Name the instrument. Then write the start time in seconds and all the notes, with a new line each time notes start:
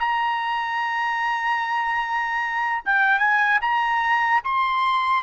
trumpet
0.00 A#5
2.86 G5
3.19 G#5
3.62 A#5
4.44 C6